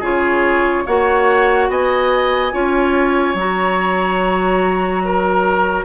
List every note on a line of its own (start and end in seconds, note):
0.00 0.85 C#3
0.00 0.86 F4
0.00 0.83 G#4
0.00 0.87 C#5
0.86 1.69 A#3
0.86 2.52 F#4
0.86 1.70 C#5
0.86 1.70 F#5
1.69 2.53 B3
1.69 2.53 D#5
1.69 3.37 G#5
2.52 3.34 C#4
2.52 3.36 F4
2.52 5.03 C#5
3.34 5.84 F#3
3.34 5.85 F#4
3.34 5.85 A#5
5.05 5.85 A#4